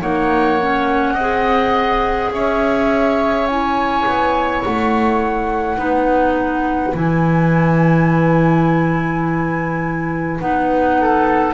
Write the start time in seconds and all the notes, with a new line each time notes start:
0.00 A#3 D#4 C#5 F#5
0.61 C#4
1.14 C4 D#5
1.20 G#4
2.31 C#4 C#5 E5
3.47 E4 G#5
4.06 B3
4.64 A3 F#5
5.77 B3 D#4 B4
6.94 E3 E4 G#5
10.40 B3 D#4 F#5
11.00 A4